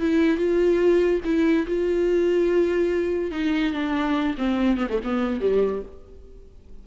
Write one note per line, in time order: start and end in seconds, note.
0.00 0.37 E4
0.37 1.21 F4
1.24 1.66 E4
1.67 3.31 F4
3.31 3.73 D#4
3.73 4.35 D4
4.37 4.77 C4
4.77 4.88 B3
4.89 5.00 A3
5.04 5.41 B3
5.41 5.82 G3